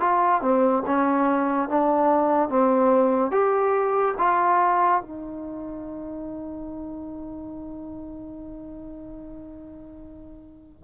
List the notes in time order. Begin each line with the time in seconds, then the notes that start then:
0.00 F4
0.42 C4
0.86 C#4
1.69 D4
2.49 C4
3.31 G4
4.18 F4
5.02 D#4